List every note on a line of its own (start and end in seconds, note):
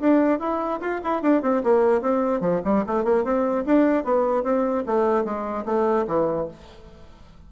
0.00 0.39 D4
0.39 0.80 E4
0.81 1.01 F4
1.04 1.22 E4
1.22 1.42 D4
1.42 1.62 C4
1.63 2.01 A#3
2.01 2.41 C4
2.41 2.61 F3
2.64 2.85 G3
2.87 3.04 A3
3.04 3.24 A#3
3.24 3.64 C4
3.66 4.04 D4
4.04 4.44 B3
4.44 4.84 C4
4.86 5.25 A3
5.25 5.65 G#3
5.65 6.06 A3
6.07 6.48 E3